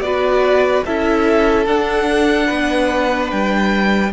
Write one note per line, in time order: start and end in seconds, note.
0.00 0.82 B3
0.00 0.85 F#4
0.00 0.85 B4
0.00 0.83 D5
0.85 1.66 C#4
0.85 1.67 E4
0.85 2.47 A4
0.85 1.66 E5
1.66 2.48 D4
1.66 4.12 D4
1.66 3.30 F#5
2.47 3.32 B3
2.47 4.11 B4
3.30 4.12 G3
3.30 4.12 G5